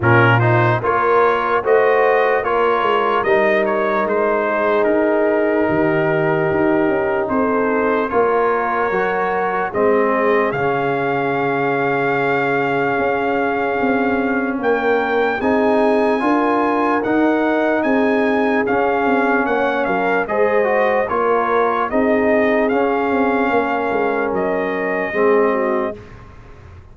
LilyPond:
<<
  \new Staff \with { instrumentName = "trumpet" } { \time 4/4 \tempo 4 = 74 ais'8 c''8 cis''4 dis''4 cis''4 | dis''8 cis''8 c''4 ais'2~ | ais'4 c''4 cis''2 | dis''4 f''2.~ |
f''2 g''4 gis''4~ | gis''4 fis''4 gis''4 f''4 | fis''8 f''8 dis''4 cis''4 dis''4 | f''2 dis''2 | }
  \new Staff \with { instrumentName = "horn" } { \time 4/4 f'4 ais'4 c''4 ais'4~ | ais'4. gis'4. g'4~ | g'4 a'4 ais'2 | gis'1~ |
gis'2 ais'4 gis'4 | ais'2 gis'2 | cis''8 ais'8 c''4 ais'4 gis'4~ | gis'4 ais'2 gis'8 fis'8 | }
  \new Staff \with { instrumentName = "trombone" } { \time 4/4 cis'8 dis'8 f'4 fis'4 f'4 | dis'1~ | dis'2 f'4 fis'4 | c'4 cis'2.~ |
cis'2. dis'4 | f'4 dis'2 cis'4~ | cis'4 gis'8 fis'8 f'4 dis'4 | cis'2. c'4 | }
  \new Staff \with { instrumentName = "tuba" } { \time 4/4 ais,4 ais4 a4 ais8 gis8 | g4 gis4 dis'4 dis4 | dis'8 cis'8 c'4 ais4 fis4 | gis4 cis2. |
cis'4 c'4 ais4 c'4 | d'4 dis'4 c'4 cis'8 c'8 | ais8 fis8 gis4 ais4 c'4 | cis'8 c'8 ais8 gis8 fis4 gis4 | }
>>